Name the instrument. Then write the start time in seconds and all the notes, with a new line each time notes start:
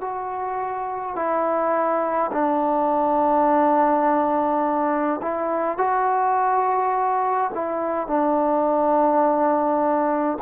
trombone
0.00 F#4
1.15 E4
2.31 D4
5.22 E4
5.77 F#4
7.54 E4
8.07 D4